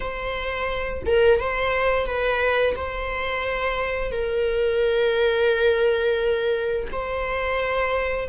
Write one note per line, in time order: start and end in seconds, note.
0.00 1.03 C5
1.05 1.39 A#4
1.39 2.06 C5
2.06 2.75 B4
2.76 4.11 C5
4.11 6.87 A#4
6.92 8.29 C5